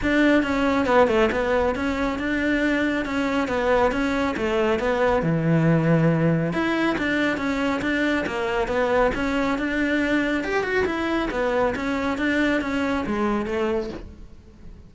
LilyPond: \new Staff \with { instrumentName = "cello" } { \time 4/4 \tempo 4 = 138 d'4 cis'4 b8 a8 b4 | cis'4 d'2 cis'4 | b4 cis'4 a4 b4 | e2. e'4 |
d'4 cis'4 d'4 ais4 | b4 cis'4 d'2 | g'8 fis'8 e'4 b4 cis'4 | d'4 cis'4 gis4 a4 | }